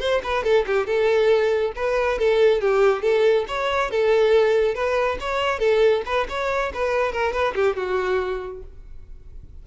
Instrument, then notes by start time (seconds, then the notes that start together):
violin
0.00 C5
0.24 B4
0.44 A4
0.67 G4
0.87 A4
1.76 B4
2.19 A4
2.61 G4
3.02 A4
3.48 C#5
3.91 A4
4.75 B4
5.20 C#5
5.59 A4
6.06 B4
6.29 C#5
6.74 B4
7.13 A#4
7.33 B4
7.55 G4
7.77 F#4